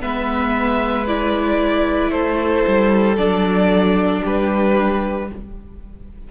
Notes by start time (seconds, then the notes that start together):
0.00 G#3 B3 B4 E5
1.07 E4 D5
2.11 A3 A4 C5
2.67 G3
3.16 F#3 D4 D5
4.22 G3 G4 B4